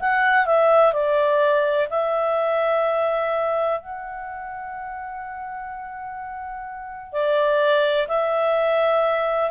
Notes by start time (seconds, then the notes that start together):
0.00 F#5
0.46 E5
0.94 D5
1.90 E5
3.81 F#5
7.13 D5
8.08 E5